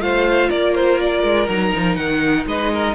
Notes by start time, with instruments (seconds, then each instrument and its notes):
0.00 cello A3, viola F4, violin C5 F5
0.50 cello A#3, violin A#4 D5
0.76 violin C5
1.00 violin D5
1.24 cello G#3
1.49 cello F#3, viola D#4, violin A#5
1.76 cello F3
1.96 cello D#3, violin F#5
2.47 cello G#3, violin B4 D#5
2.73 violin A#4